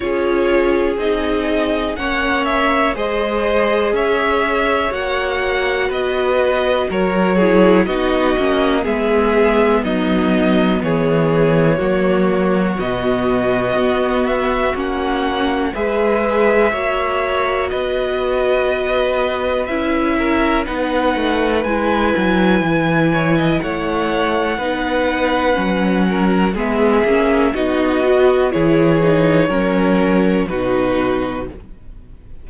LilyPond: <<
  \new Staff \with { instrumentName = "violin" } { \time 4/4 \tempo 4 = 61 cis''4 dis''4 fis''8 e''8 dis''4 | e''4 fis''4 dis''4 cis''4 | dis''4 e''4 dis''4 cis''4~ | cis''4 dis''4. e''8 fis''4 |
e''2 dis''2 | e''4 fis''4 gis''2 | fis''2. e''4 | dis''4 cis''2 b'4 | }
  \new Staff \with { instrumentName = "violin" } { \time 4/4 gis'2 cis''4 c''4 | cis''2 b'4 ais'8 gis'8 | fis'4 gis'4 dis'4 gis'4 | fis'1 |
b'4 cis''4 b'2~ | b'8 ais'8 b'2~ b'8 cis''16 dis''16 | cis''4 b'4. ais'8 gis'4 | fis'4 gis'4 ais'4 fis'4 | }
  \new Staff \with { instrumentName = "viola" } { \time 4/4 f'4 dis'4 cis'4 gis'4~ | gis'4 fis'2~ fis'8 e'8 | dis'8 cis'8 b2. | ais4 b2 cis'4 |
gis'4 fis'2. | e'4 dis'4 e'2~ | e'4 dis'4 cis'4 b8 cis'8 | dis'8 fis'8 e'8 dis'8 cis'4 dis'4 | }
  \new Staff \with { instrumentName = "cello" } { \time 4/4 cis'4 c'4 ais4 gis4 | cis'4 ais4 b4 fis4 | b8 ais8 gis4 fis4 e4 | fis4 b,4 b4 ais4 |
gis4 ais4 b2 | cis'4 b8 a8 gis8 fis8 e4 | a4 b4 fis4 gis8 ais8 | b4 e4 fis4 b,4 | }
>>